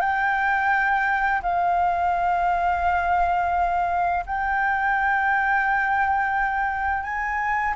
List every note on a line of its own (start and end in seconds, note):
0.00 1.41 G5
1.42 4.24 F5
4.26 7.03 G5
7.03 7.73 G#5